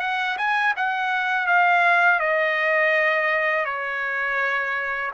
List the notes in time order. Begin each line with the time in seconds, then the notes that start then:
0.00 F#5
0.38 G#5
0.76 F#5
1.47 F5
2.20 D#5
3.65 C#5